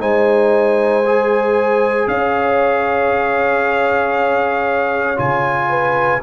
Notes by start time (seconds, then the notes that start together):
0.00 G#3 D#4 C5 G#5
1.05 G#4
2.07 C#4 C#5 F5
5.16 C#3 F4 G#5
5.69 B4